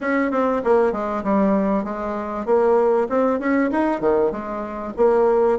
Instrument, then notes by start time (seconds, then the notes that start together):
bassoon
0.01 C#4
0.31 C4
0.64 A#3
0.92 G#3
1.23 G3
1.84 G#3
2.45 A#3
3.09 C4
3.39 C#4
3.71 D#4
4.00 D#3
4.31 G#3
4.97 A#3